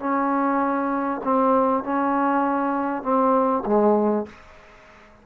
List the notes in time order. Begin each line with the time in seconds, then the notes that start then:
0.00 C#4
1.24 C4
1.83 C#4
3.03 C4
3.66 G#3